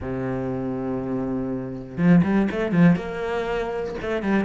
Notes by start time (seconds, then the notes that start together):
0.00 C3
1.97 F3
2.23 G3
2.51 A3
2.71 F3
2.95 A#3
4.01 A3
4.22 G3